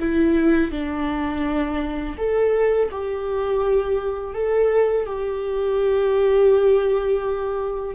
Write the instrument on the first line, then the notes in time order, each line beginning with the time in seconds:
viola
0.00 E4
0.72 D4
2.18 A4
2.92 G4
4.35 A4
5.07 G4